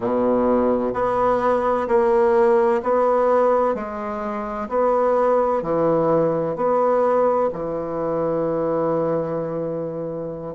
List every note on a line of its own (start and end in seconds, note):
0.00 0.93 B2
0.93 1.87 B3
1.87 2.81 A#3
2.83 3.75 B3
3.75 4.68 G#3
4.68 5.62 B3
5.62 6.55 E3
6.55 7.49 B3
7.53 10.55 E3